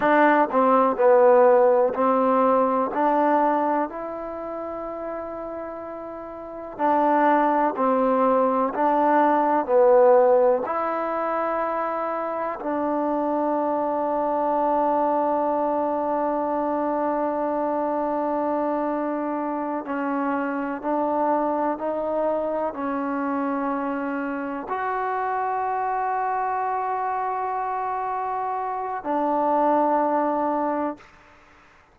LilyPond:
\new Staff \with { instrumentName = "trombone" } { \time 4/4 \tempo 4 = 62 d'8 c'8 b4 c'4 d'4 | e'2. d'4 | c'4 d'4 b4 e'4~ | e'4 d'2.~ |
d'1~ | d'8 cis'4 d'4 dis'4 cis'8~ | cis'4. fis'2~ fis'8~ | fis'2 d'2 | }